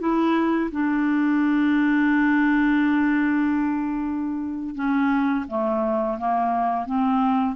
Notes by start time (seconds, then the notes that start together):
0.00 E4
0.72 D4
4.76 C#4
5.48 A3
6.19 A#3
6.86 C4